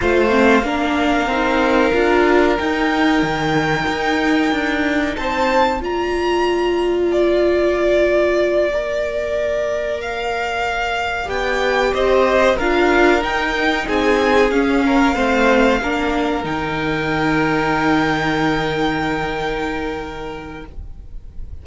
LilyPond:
<<
  \new Staff \with { instrumentName = "violin" } { \time 4/4 \tempo 4 = 93 f''1 | g''1 | a''4 ais''2 d''4~ | d''2.~ d''8 f''8~ |
f''4. g''4 dis''4 f''8~ | f''8 g''4 gis''4 f''4.~ | f''4. g''2~ g''8~ | g''1 | }
  \new Staff \with { instrumentName = "violin" } { \time 4/4 c''4 ais'2.~ | ais'1 | c''4 d''2.~ | d''1~ |
d''2~ d''8 c''4 ais'8~ | ais'4. gis'4. ais'8 c''8~ | c''8 ais'2.~ ais'8~ | ais'1 | }
  \new Staff \with { instrumentName = "viola" } { \time 4/4 f'8 c'8 d'4 dis'4 f'4 | dis'1~ | dis'4 f'2.~ | f'4. ais'2~ ais'8~ |
ais'4. g'2 f'8~ | f'8 dis'2 cis'4 c'8~ | c'8 d'4 dis'2~ dis'8~ | dis'1 | }
  \new Staff \with { instrumentName = "cello" } { \time 4/4 a4 ais4 c'4 d'4 | dis'4 dis4 dis'4 d'4 | c'4 ais2.~ | ais1~ |
ais4. b4 c'4 d'8~ | d'8 dis'4 c'4 cis'4 a8~ | a8 ais4 dis2~ dis8~ | dis1 | }
>>